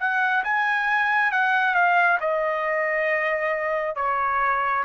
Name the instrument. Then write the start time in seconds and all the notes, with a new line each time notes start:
trumpet
0.00 F#5
0.44 G#5
1.32 F#5
1.74 F5
2.21 D#5
3.96 C#5